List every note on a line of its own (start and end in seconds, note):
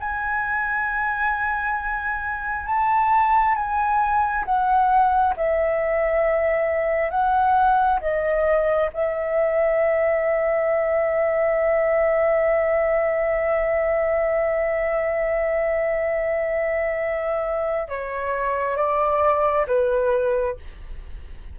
0.00 2.67 G#5
2.67 3.55 A5
3.55 4.45 G#5
4.45 5.35 F#5
5.37 7.10 E5
7.10 8.00 F#5
8.01 8.91 D#5
8.93 17.89 E5
17.89 18.77 C#5
18.77 19.66 D5
19.67 20.57 B4